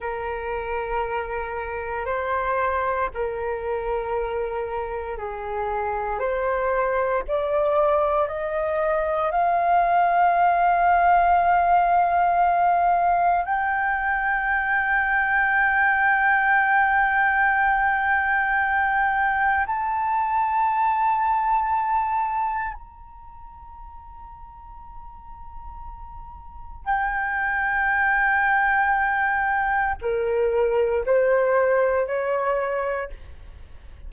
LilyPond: \new Staff \with { instrumentName = "flute" } { \time 4/4 \tempo 4 = 58 ais'2 c''4 ais'4~ | ais'4 gis'4 c''4 d''4 | dis''4 f''2.~ | f''4 g''2.~ |
g''2. a''4~ | a''2 ais''2~ | ais''2 g''2~ | g''4 ais'4 c''4 cis''4 | }